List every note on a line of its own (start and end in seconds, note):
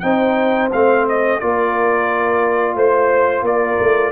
0.00 0.72 C4
0.00 0.71 D#4
0.00 1.39 C5
0.00 0.68 G5
0.73 1.42 A3
0.73 1.40 C4
0.73 1.07 F5
1.09 1.40 D#5
1.40 2.75 A#3
1.40 4.12 F4
1.40 2.76 A#4
1.40 2.76 D5
2.75 3.42 A3
2.75 3.44 C5
2.75 3.45 C5
3.42 3.76 A#3
3.42 4.12 A#4
3.42 4.12 D5
3.80 4.12 A3